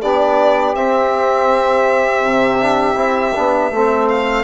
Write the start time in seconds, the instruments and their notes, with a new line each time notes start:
0.00 bassoon B3, trombone D4, saxophone G4, violin D5
0.74 trombone C4, bassoon C4, violin E5
2.24 bassoon C3
2.60 trombone D4
2.95 bassoon C4, trombone E4
3.35 bassoon B3, trombone D4
3.71 bassoon A3, trombone C4, saxophone A4
4.08 violin F5